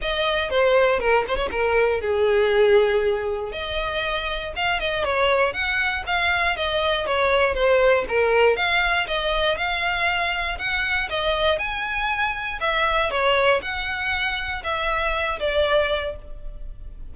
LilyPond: \new Staff \with { instrumentName = "violin" } { \time 4/4 \tempo 4 = 119 dis''4 c''4 ais'8 c''16 cis''16 ais'4 | gis'2. dis''4~ | dis''4 f''8 dis''8 cis''4 fis''4 | f''4 dis''4 cis''4 c''4 |
ais'4 f''4 dis''4 f''4~ | f''4 fis''4 dis''4 gis''4~ | gis''4 e''4 cis''4 fis''4~ | fis''4 e''4. d''4. | }